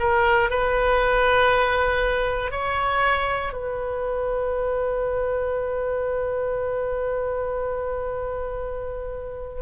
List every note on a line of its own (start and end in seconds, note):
0.00 0.50 A#4
0.50 2.51 B4
2.51 3.53 C#5
3.53 9.62 B4